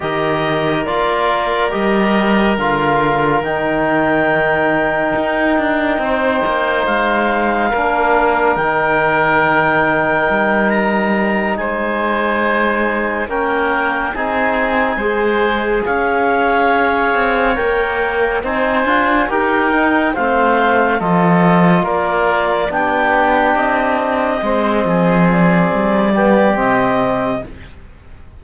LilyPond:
<<
  \new Staff \with { instrumentName = "clarinet" } { \time 4/4 \tempo 4 = 70 dis''4 d''4 dis''4 f''4 | g''1 | f''2 g''2~ | g''8 ais''4 gis''2 g''8~ |
g''8 gis''2 f''4.~ | f''8 g''4 gis''4 g''4 f''8~ | f''8 dis''4 d''4 g''4 dis''8~ | dis''4. d''4. dis''4 | }
  \new Staff \with { instrumentName = "oboe" } { \time 4/4 ais'1~ | ais'2. c''4~ | c''4 ais'2.~ | ais'4. c''2 ais'8~ |
ais'8 gis'4 c''4 cis''4.~ | cis''4. c''4 ais'4 c''8~ | c''8 a'4 ais'4 g'4.~ | g'8 c''8 gis'4. g'4. | }
  \new Staff \with { instrumentName = "trombone" } { \time 4/4 g'4 f'4 g'4 f'4 | dis'1~ | dis'4 d'4 dis'2~ | dis'2.~ dis'8 cis'8~ |
cis'8 dis'4 gis'2~ gis'8~ | gis'8 ais'4 dis'8 f'8 g'8 dis'8 c'8~ | c'8 f'2 d'4.~ | d'8 c'2 b8 c'4 | }
  \new Staff \with { instrumentName = "cello" } { \time 4/4 dis4 ais4 g4 d4 | dis2 dis'8 d'8 c'8 ais8 | gis4 ais4 dis2 | g4. gis2 ais8~ |
ais8 c'4 gis4 cis'4. | c'8 ais4 c'8 d'8 dis'4 a8~ | a8 f4 ais4 b4 c'8~ | c'8 gis8 f4 g4 c4 | }
>>